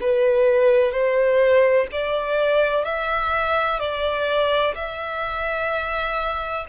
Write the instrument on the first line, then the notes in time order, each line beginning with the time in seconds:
violin
0.00 B4
0.91 C5
1.91 D5
2.84 E5
3.79 D5
4.74 E5